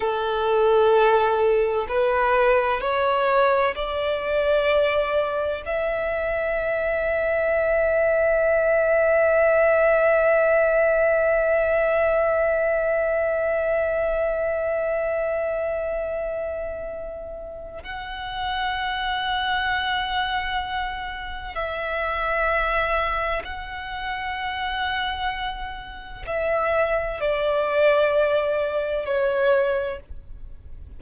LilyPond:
\new Staff \with { instrumentName = "violin" } { \time 4/4 \tempo 4 = 64 a'2 b'4 cis''4 | d''2 e''2~ | e''1~ | e''1~ |
e''2. fis''4~ | fis''2. e''4~ | e''4 fis''2. | e''4 d''2 cis''4 | }